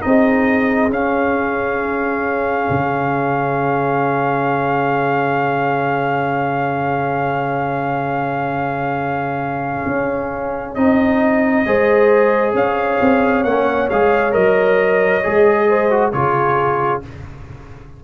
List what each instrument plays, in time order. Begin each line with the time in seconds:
0.00 tuba C4, trombone D#4, horn G#4, trumpet D#5
0.90 tuba C#4, trombone C#4, trumpet F5
2.70 tuba C#3
9.86 tuba C#4
10.74 tuba C4, trombone D#4, trumpet D#5
11.65 tuba G#3, trombone G#4, horn C5
12.54 tuba C#4, horn C#5, trumpet F5
13.01 tuba C4
13.44 tuba A#3, trombone C#4, trumpet F#5
13.89 tuba G#3, trombone G#4, trumpet F5
14.31 tuba F#3, trombone A#4, trumpet D#5
15.23 tuba G#3, trombone G#4
15.68 horn C5
15.90 trombone F#4
16.12 tuba C#3, trombone F4, horn G#4, trumpet C#5